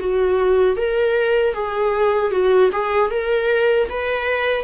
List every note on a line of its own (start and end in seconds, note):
0.00 0.77 F#4
0.77 1.54 A#4
1.54 2.32 G#4
2.32 2.71 F#4
2.73 3.11 G#4
3.11 3.89 A#4
3.90 4.65 B4